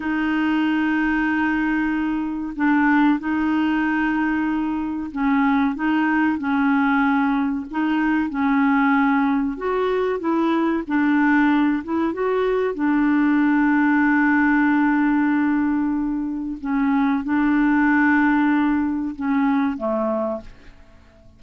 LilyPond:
\new Staff \with { instrumentName = "clarinet" } { \time 4/4 \tempo 4 = 94 dis'1 | d'4 dis'2. | cis'4 dis'4 cis'2 | dis'4 cis'2 fis'4 |
e'4 d'4. e'8 fis'4 | d'1~ | d'2 cis'4 d'4~ | d'2 cis'4 a4 | }